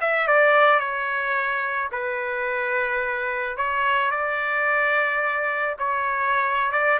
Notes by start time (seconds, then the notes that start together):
0.00 E5
0.27 D5
0.79 C#5
1.91 B4
3.57 C#5
4.11 D5
5.78 C#5
6.71 D5